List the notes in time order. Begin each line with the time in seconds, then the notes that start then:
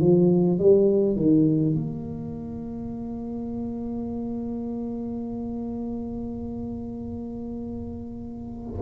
0.00 F3
0.58 G3
1.16 D#3
1.74 A#3